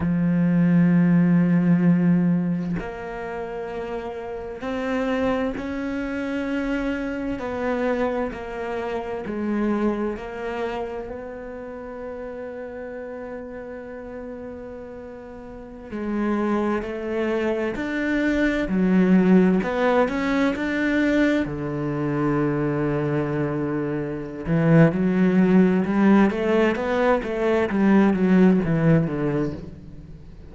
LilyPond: \new Staff \with { instrumentName = "cello" } { \time 4/4 \tempo 4 = 65 f2. ais4~ | ais4 c'4 cis'2 | b4 ais4 gis4 ais4 | b1~ |
b4~ b16 gis4 a4 d'8.~ | d'16 fis4 b8 cis'8 d'4 d8.~ | d2~ d8 e8 fis4 | g8 a8 b8 a8 g8 fis8 e8 d8 | }